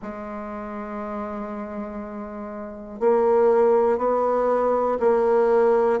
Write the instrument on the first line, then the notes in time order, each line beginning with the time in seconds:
bassoon
0.01 G#3
3.00 A#3
3.98 B3
5.00 A#3